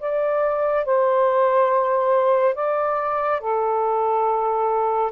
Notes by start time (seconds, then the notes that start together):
0.00 D5
0.85 C5
2.55 D5
3.41 A4